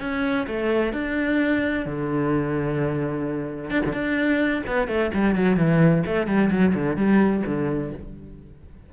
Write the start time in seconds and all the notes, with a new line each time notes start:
0.00 C#4
0.47 A3
0.93 D4
1.86 D3
3.70 D4
3.85 D3
3.93 D4
4.67 B3
4.88 A3
5.14 G3
5.35 F#3
5.57 E3
6.06 A3
6.27 G3
6.51 F#3
6.74 D3
6.96 G3
7.46 D3